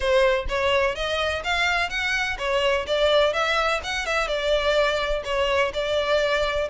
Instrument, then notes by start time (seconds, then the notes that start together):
violin
0.00 C5
0.48 C#5
0.95 D#5
1.44 F5
1.89 F#5
2.38 C#5
2.86 D5
3.33 E5
3.83 F#5
4.05 E5
4.27 D5
5.24 C#5
5.73 D5